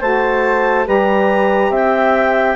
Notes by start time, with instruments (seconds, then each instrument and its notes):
0.00 bassoon A3, saxophone F#4, flute C5, clarinet A5
0.85 bassoon G3, saxophone G4, flute B4, clarinet A#5
1.69 bassoon C4, flute E5, clarinet G5